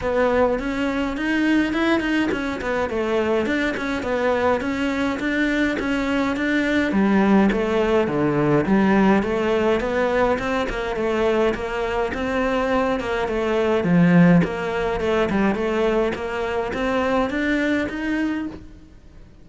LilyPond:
\new Staff \with { instrumentName = "cello" } { \time 4/4 \tempo 4 = 104 b4 cis'4 dis'4 e'8 dis'8 | cis'8 b8 a4 d'8 cis'8 b4 | cis'4 d'4 cis'4 d'4 | g4 a4 d4 g4 |
a4 b4 c'8 ais8 a4 | ais4 c'4. ais8 a4 | f4 ais4 a8 g8 a4 | ais4 c'4 d'4 dis'4 | }